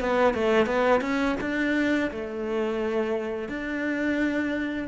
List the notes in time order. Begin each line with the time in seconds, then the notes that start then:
0.00 B3
0.34 A3
0.66 B3
1.01 C#4
1.40 D4
2.11 A3
3.48 D4